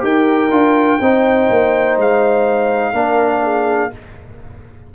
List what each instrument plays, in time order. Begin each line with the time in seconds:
0.00 tuba D#4, trombone G4, horn A#4, trumpet G5
0.51 tuba D4, trombone F4
1.01 tuba C4, trombone D#4, horn C5
1.50 tuba A#3
1.97 tuba G#3, trumpet F5
2.93 tuba A#3, trombone D4, horn A#4
3.43 horn G#4